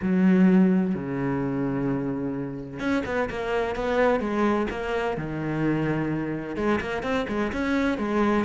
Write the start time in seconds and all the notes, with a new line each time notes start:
0.01 F#3
0.94 C#3
2.79 C#4
3.05 B3
3.29 A#3
3.75 B3
4.20 G#3
4.70 A#3
5.17 D#3
6.56 G#3
6.80 A#3
7.02 C4
7.28 G#3
7.52 C#4
7.98 G#3